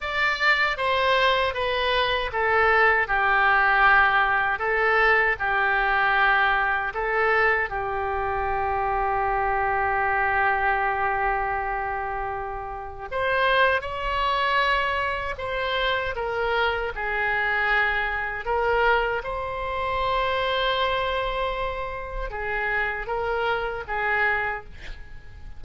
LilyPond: \new Staff \with { instrumentName = "oboe" } { \time 4/4 \tempo 4 = 78 d''4 c''4 b'4 a'4 | g'2 a'4 g'4~ | g'4 a'4 g'2~ | g'1~ |
g'4 c''4 cis''2 | c''4 ais'4 gis'2 | ais'4 c''2.~ | c''4 gis'4 ais'4 gis'4 | }